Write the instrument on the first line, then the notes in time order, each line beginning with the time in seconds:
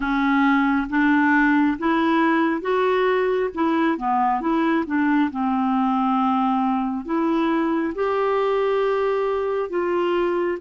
clarinet
0.00 C#4
0.89 D4
1.78 E4
2.61 F#4
3.54 E4
3.97 B3
4.40 E4
4.86 D4
5.31 C4
7.05 E4
7.95 G4
9.69 F4